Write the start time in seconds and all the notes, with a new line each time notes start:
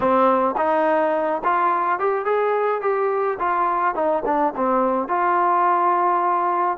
0.00 C4
0.57 D#4
1.44 F4
1.99 G4
2.25 G#4
2.81 G4
3.39 F4
3.94 D#4
4.25 D4
4.56 C4
5.07 F4